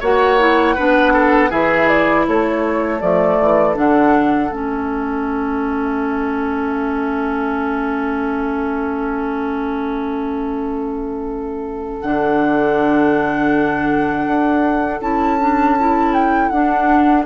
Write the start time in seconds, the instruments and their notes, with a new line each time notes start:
0.00 bassoon A#3, clarinet F#4, oboe C#5, flute F#5
0.38 clarinet E4
0.75 bassoon B3, clarinet D4, oboe B4
1.13 oboe A4
1.49 bassoon E3, clarinet E4, oboe G#4, flute E5
1.88 flute D5
2.27 bassoon A3, oboe A4, flute C#5
3.00 bassoon F3, clarinet A3, flute D5
3.40 bassoon E3
3.74 bassoon D3, clarinet D4, flute F#5
4.50 bassoon A3, clarinet C#4, flute E5
12.00 bassoon D3, clarinet D4, flute F#5
14.26 bassoon D4
15.00 bassoon C#4, clarinet E4, flute A5
15.40 clarinet D4
15.79 clarinet E4
16.13 flute G5
16.48 bassoon D4, clarinet D4, flute F#5